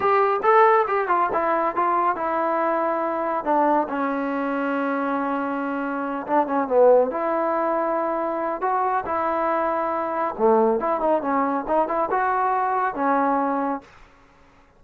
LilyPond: \new Staff \with { instrumentName = "trombone" } { \time 4/4 \tempo 4 = 139 g'4 a'4 g'8 f'8 e'4 | f'4 e'2. | d'4 cis'2.~ | cis'2~ cis'8 d'8 cis'8 b8~ |
b8 e'2.~ e'8 | fis'4 e'2. | a4 e'8 dis'8 cis'4 dis'8 e'8 | fis'2 cis'2 | }